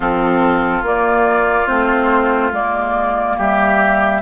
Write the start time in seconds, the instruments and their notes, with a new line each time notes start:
0.00 bassoon F3, clarinet C4, oboe F4, flute A4
0.82 bassoon A#3, clarinet A#3, flute D5
1.66 bassoon A3, clarinet C4, flute C5
2.51 bassoon G#3, clarinet A#3, flute D5
3.37 bassoon G3, oboe G4, flute E5